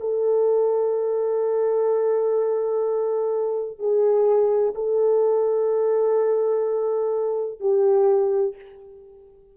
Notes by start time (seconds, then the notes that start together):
0.00 A4
3.79 G#4
4.74 A4
7.60 G4